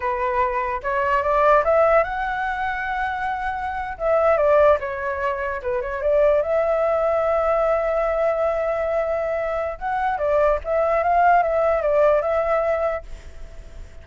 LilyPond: \new Staff \with { instrumentName = "flute" } { \time 4/4 \tempo 4 = 147 b'2 cis''4 d''4 | e''4 fis''2.~ | fis''4.~ fis''16 e''4 d''4 cis''16~ | cis''4.~ cis''16 b'8 cis''8 d''4 e''16~ |
e''1~ | e''1 | fis''4 d''4 e''4 f''4 | e''4 d''4 e''2 | }